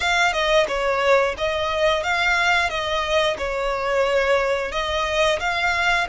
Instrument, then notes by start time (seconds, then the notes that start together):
violin
0.00 F5
0.32 D#5
0.67 C#5
1.37 D#5
2.03 F5
2.69 D#5
3.37 C#5
4.71 D#5
5.39 F5